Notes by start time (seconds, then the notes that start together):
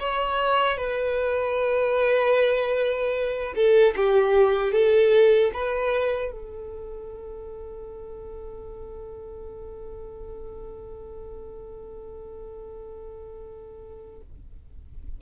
0.00 C#5
0.78 B4
3.56 A4
3.96 G4
4.73 A4
5.54 B4
6.32 A4